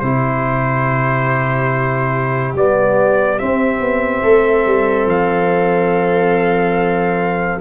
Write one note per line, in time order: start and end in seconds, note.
0.00 2.54 C3
0.00 2.56 E4
0.00 4.23 G4
0.00 2.54 C5
2.54 3.39 G3
2.54 3.39 B3
2.54 3.39 D5
3.39 7.61 C4
3.39 3.81 C4
3.39 5.08 E5
3.81 4.23 B3
4.23 4.66 A3
4.23 7.61 A4
4.66 5.06 G3
5.06 7.60 F3
5.06 7.61 F5